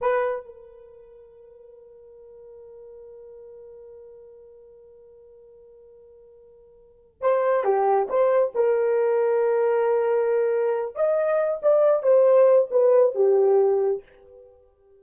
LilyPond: \new Staff \with { instrumentName = "horn" } { \time 4/4 \tempo 4 = 137 b'4 ais'2.~ | ais'1~ | ais'1~ | ais'1~ |
ais'8 c''4 g'4 c''4 ais'8~ | ais'1~ | ais'4 dis''4. d''4 c''8~ | c''4 b'4 g'2 | }